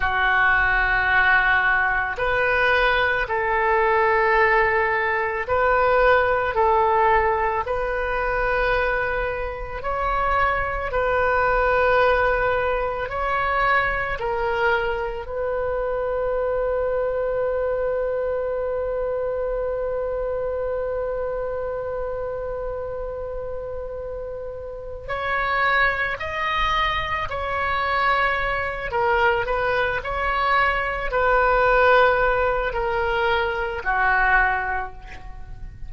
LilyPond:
\new Staff \with { instrumentName = "oboe" } { \time 4/4 \tempo 4 = 55 fis'2 b'4 a'4~ | a'4 b'4 a'4 b'4~ | b'4 cis''4 b'2 | cis''4 ais'4 b'2~ |
b'1~ | b'2. cis''4 | dis''4 cis''4. ais'8 b'8 cis''8~ | cis''8 b'4. ais'4 fis'4 | }